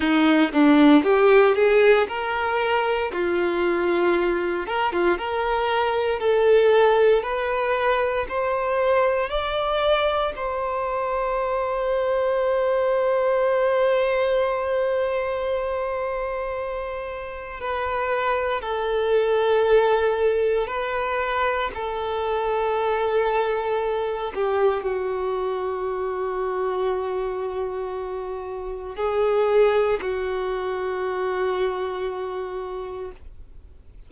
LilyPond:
\new Staff \with { instrumentName = "violin" } { \time 4/4 \tempo 4 = 58 dis'8 d'8 g'8 gis'8 ais'4 f'4~ | f'8 ais'16 f'16 ais'4 a'4 b'4 | c''4 d''4 c''2~ | c''1~ |
c''4 b'4 a'2 | b'4 a'2~ a'8 g'8 | fis'1 | gis'4 fis'2. | }